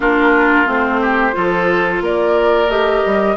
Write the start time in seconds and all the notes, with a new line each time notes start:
0.00 A#3 D4 F4 A#4
0.65 A3 C4 C5
1.01 G4
1.32 F3 F4 A4
2.01 A#3 A#4 D5
2.68 A3 G4 D#5
3.05 G3